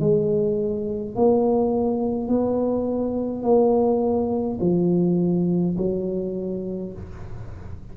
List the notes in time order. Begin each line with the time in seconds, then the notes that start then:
0.00 G#3
1.15 A#3
2.28 B3
3.42 A#3
4.60 F3
5.77 F#3